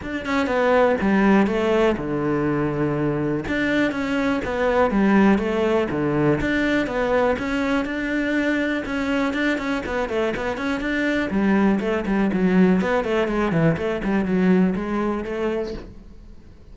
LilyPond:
\new Staff \with { instrumentName = "cello" } { \time 4/4 \tempo 4 = 122 d'8 cis'8 b4 g4 a4 | d2. d'4 | cis'4 b4 g4 a4 | d4 d'4 b4 cis'4 |
d'2 cis'4 d'8 cis'8 | b8 a8 b8 cis'8 d'4 g4 | a8 g8 fis4 b8 a8 gis8 e8 | a8 g8 fis4 gis4 a4 | }